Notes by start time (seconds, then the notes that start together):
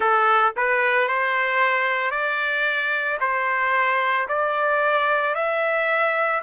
0.00 A4
0.56 B4
1.08 C5
2.10 D5
3.20 C5
4.28 D5
5.35 E5